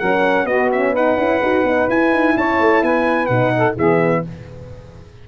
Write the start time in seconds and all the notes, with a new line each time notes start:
0.00 F#3 C#4 A#4 F#5
0.45 B3 F#4 D#5
0.72 C#4 E5
0.94 D#4 B4 F#5
1.17 C#4 E4
1.42 D#4 F#4
1.64 B3 D#4
1.89 E4 G#5
2.12 D#4
2.37 C#4 C#5 A5
2.60 A3
2.83 B3 B4 G#5
3.27 B2 D#4 F#5
3.58 A4
3.76 E3 B3 G#4 E5